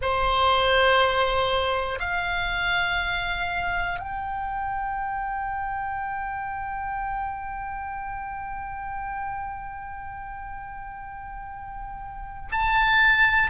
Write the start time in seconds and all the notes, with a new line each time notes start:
0.01 C5
2.00 F5
3.99 G5
12.51 A5